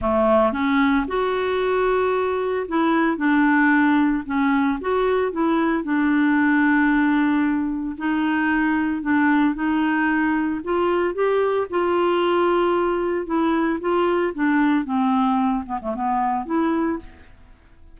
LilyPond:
\new Staff \with { instrumentName = "clarinet" } { \time 4/4 \tempo 4 = 113 a4 cis'4 fis'2~ | fis'4 e'4 d'2 | cis'4 fis'4 e'4 d'4~ | d'2. dis'4~ |
dis'4 d'4 dis'2 | f'4 g'4 f'2~ | f'4 e'4 f'4 d'4 | c'4. b16 a16 b4 e'4 | }